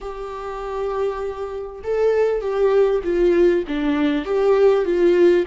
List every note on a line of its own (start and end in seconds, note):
0.00 1.82 G4
1.83 2.41 A4
2.41 3.01 G4
3.04 3.64 F4
3.67 4.25 D4
4.25 4.84 G4
4.84 5.45 F4